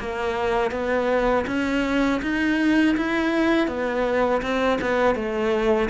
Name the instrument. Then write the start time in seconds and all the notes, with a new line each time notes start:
cello
0.00 A#3
0.72 B3
1.47 C#4
2.23 D#4
2.97 E4
3.68 B3
4.42 C4
4.81 B3
5.16 A3